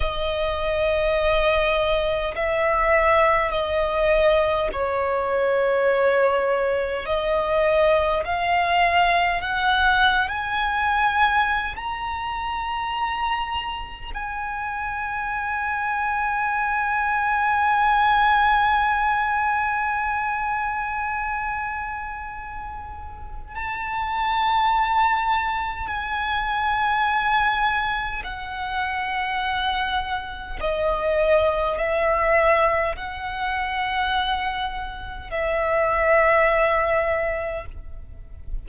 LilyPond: \new Staff \with { instrumentName = "violin" } { \time 4/4 \tempo 4 = 51 dis''2 e''4 dis''4 | cis''2 dis''4 f''4 | fis''8. gis''4~ gis''16 ais''2 | gis''1~ |
gis''1 | a''2 gis''2 | fis''2 dis''4 e''4 | fis''2 e''2 | }